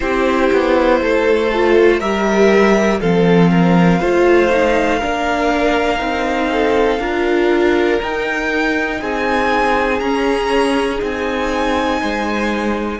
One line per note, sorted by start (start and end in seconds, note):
0.00 0.50 C4
0.00 1.49 E4
0.00 1.01 G4
0.00 2.00 C5
0.52 1.01 B3
1.01 2.00 A3
1.01 1.99 A4
1.53 2.00 F4
1.99 3.00 G3
1.99 3.00 G4
1.99 2.99 A#4
1.99 3.00 E5
3.00 4.00 F3
3.00 4.00 C4
3.00 3.50 A4
3.00 8.00 F5
3.50 3.99 A#4
3.99 5.00 A3
3.99 4.49 F4
3.99 4.99 C5
4.49 4.99 D#4
4.99 6.00 A#3
4.99 5.98 D4
4.99 6.49 A#4
5.98 6.99 C4
5.98 6.98 D#4
6.51 7.00 A4
6.99 7.99 D4
6.99 8.00 F4
6.99 8.99 A#4
8.02 10.02 D#4
8.02 9.01 D#4
8.02 9.02 G5
8.99 10.01 C4
8.99 11.99 G#4
8.99 9.99 G#5
9.99 11.01 C#4
9.99 10.98 C#4
9.99 10.99 A#5
10.98 12.01 C4
10.98 12.98 D#4
10.98 12.99 G#5
12.00 12.99 G#3
12.00 12.99 C5